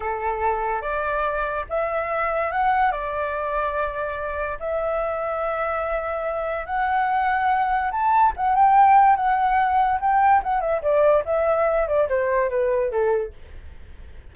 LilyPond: \new Staff \with { instrumentName = "flute" } { \time 4/4 \tempo 4 = 144 a'2 d''2 | e''2 fis''4 d''4~ | d''2. e''4~ | e''1 |
fis''2. a''4 | fis''8 g''4. fis''2 | g''4 fis''8 e''8 d''4 e''4~ | e''8 d''8 c''4 b'4 a'4 | }